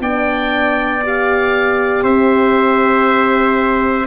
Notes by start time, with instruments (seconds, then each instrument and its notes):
0.00 tuba B3, horn D4, trumpet D5, oboe G5
1.04 horn G4, oboe F5
2.03 tuba C4, trumpet C5, oboe E5